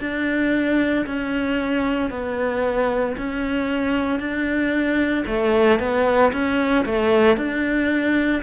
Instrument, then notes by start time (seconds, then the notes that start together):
cello
0.00 D4
1.06 C#4
2.10 B3
3.17 C#4
4.19 D4
5.26 A3
5.79 B3
6.32 C#4
6.85 A3
7.37 D4